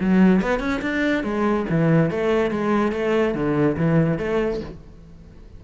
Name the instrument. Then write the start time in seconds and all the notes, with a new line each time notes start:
cello
0.00 F#3
0.41 B3
0.59 C#4
0.81 D4
1.23 G#3
1.69 E3
2.10 A3
2.51 G#3
2.92 A3
3.34 D3
3.77 E3
4.18 A3